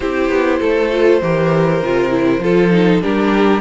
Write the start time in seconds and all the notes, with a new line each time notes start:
0.00 C4 E4 G4 C5
0.29 B3
0.59 A3 A4
0.91 F4
1.21 E3 G4 A#4
1.82 C3 F4
2.10 E4
2.39 F3 F4 A4
2.71 D#4
3.01 G3 D4 G4 A#4